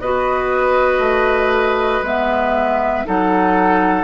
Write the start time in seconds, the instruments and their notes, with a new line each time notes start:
0.00 bassoon B3, clarinet F#4, oboe B4, flute D#5
0.98 bassoon A3
2.02 bassoon G#3, clarinet B3, flute E5
3.05 bassoon F#3, clarinet D#4, oboe A4, flute F#5